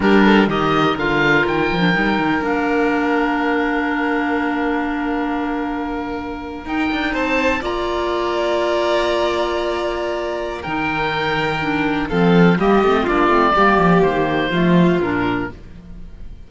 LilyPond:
<<
  \new Staff \with { instrumentName = "oboe" } { \time 4/4 \tempo 4 = 124 ais'4 dis''4 f''4 g''4~ | g''4 f''2.~ | f''1~ | f''4.~ f''16 g''4 a''4 ais''16~ |
ais''1~ | ais''2 g''2~ | g''4 f''4 dis''4 d''4~ | d''4 c''2 ais'4 | }
  \new Staff \with { instrumentName = "violin" } { \time 4/4 g'8 a'8 ais'2.~ | ais'1~ | ais'1~ | ais'2~ ais'8. c''4 d''16~ |
d''1~ | d''2 ais'2~ | ais'4 a'4 g'4 f'4 | g'2 f'2 | }
  \new Staff \with { instrumentName = "clarinet" } { \time 4/4 d'4 g'4 f'4.~ f'16 d'16 | dis'4 d'2.~ | d'1~ | d'4.~ d'16 dis'2 f'16~ |
f'1~ | f'2 dis'2 | d'4 c'4 ais8 c'8 d'8 c'8 | ais2 a4 d'4 | }
  \new Staff \with { instrumentName = "cello" } { \time 4/4 g4 dis4 d4 dis8 f8 | g8 dis8 ais2.~ | ais1~ | ais4.~ ais16 dis'8 d'8 c'4 ais16~ |
ais1~ | ais2 dis2~ | dis4 f4 g8 a8 ais8 a8 | g8 f8 dis4 f4 ais,4 | }
>>